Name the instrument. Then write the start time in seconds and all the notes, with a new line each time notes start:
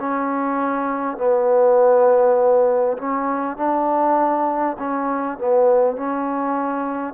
trombone
0.00 C#4
1.17 B3
2.98 C#4
3.57 D4
4.79 C#4
5.38 B3
5.97 C#4